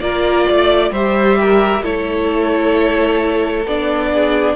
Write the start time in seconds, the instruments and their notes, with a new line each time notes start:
0.00 cello A#3, viola F4, violin A#4 D5
0.48 cello A3, violin D5
0.91 cello G3, viola G4, violin C5 E5
1.40 violin A#4
1.83 cello A3, viola E4, violin A4 C#5
3.65 cello B3, viola D4, violin D5
4.13 violin G#4